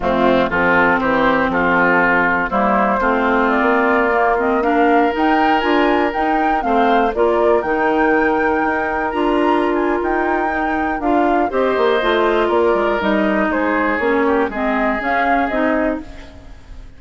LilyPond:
<<
  \new Staff \with { instrumentName = "flute" } { \time 4/4 \tempo 4 = 120 f'4 a'4 c''4 a'4~ | a'4 c''2 d''4~ | d''8. dis''8 f''4 g''4 gis''8.~ | gis''16 g''4 f''4 d''4 g''8.~ |
g''2~ g''16 ais''4~ ais''16 gis''8 | g''2 f''4 dis''4~ | dis''4 d''4 dis''4 c''4 | cis''4 dis''4 f''4 dis''4 | }
  \new Staff \with { instrumentName = "oboe" } { \time 4/4 c'4 f'4 g'4 f'4~ | f'4 e'4 f'2~ | f'4~ f'16 ais'2~ ais'8.~ | ais'4~ ais'16 c''4 ais'4.~ ais'16~ |
ais'1~ | ais'2. c''4~ | c''4 ais'2 gis'4~ | gis'8 g'8 gis'2. | }
  \new Staff \with { instrumentName = "clarinet" } { \time 4/4 a4 c'2.~ | c'4 ais4 c'2~ | c'16 ais8 c'8 d'4 dis'4 f'8.~ | f'16 dis'4 c'4 f'4 dis'8.~ |
dis'2~ dis'16 f'4.~ f'16~ | f'4 dis'4 f'4 g'4 | f'2 dis'2 | cis'4 c'4 cis'4 dis'4 | }
  \new Staff \with { instrumentName = "bassoon" } { \time 4/4 f,4 f4 e4 f4~ | f4 g4 a4~ a16 ais8.~ | ais2~ ais16 dis'4 d'8.~ | d'16 dis'4 a4 ais4 dis8.~ |
dis4~ dis16 dis'4 d'4.~ d'16 | dis'2 d'4 c'8 ais8 | a4 ais8 gis8 g4 gis4 | ais4 gis4 cis'4 c'4 | }
>>